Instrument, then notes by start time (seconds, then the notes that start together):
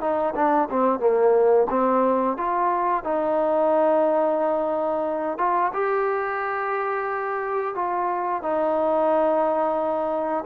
trombone
0.00 D#4
0.35 D4
0.70 C4
0.99 A#3
1.69 C4
2.37 F4
3.04 D#4
5.38 F4
5.73 G4
7.75 F4
8.42 D#4